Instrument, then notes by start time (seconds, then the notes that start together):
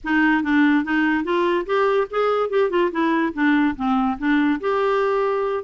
clarinet
0.04 D#4
0.43 D4
0.84 D#4
1.24 F4
1.66 G4
2.10 G#4
2.49 G4
2.70 F4
2.91 E4
3.33 D4
3.76 C4
4.18 D4
4.60 G4